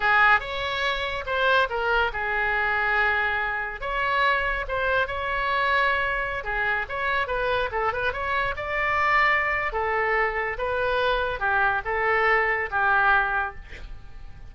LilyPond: \new Staff \with { instrumentName = "oboe" } { \time 4/4 \tempo 4 = 142 gis'4 cis''2 c''4 | ais'4 gis'2.~ | gis'4 cis''2 c''4 | cis''2.~ cis''16 gis'8.~ |
gis'16 cis''4 b'4 a'8 b'8 cis''8.~ | cis''16 d''2~ d''8. a'4~ | a'4 b'2 g'4 | a'2 g'2 | }